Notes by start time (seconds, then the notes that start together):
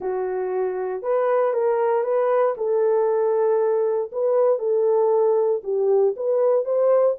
0.00 F#4
1.02 B4
1.53 A#4
2.03 B4
2.57 A4
4.11 B4
4.59 A4
5.63 G4
6.16 B4
6.64 C5